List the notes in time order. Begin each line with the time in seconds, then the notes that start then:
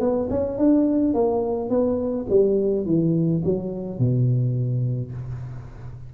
0.00 B3
0.30 C#4
0.58 D4
1.14 A#3
1.70 B3
2.30 G3
2.86 E3
3.45 F#3
3.99 B2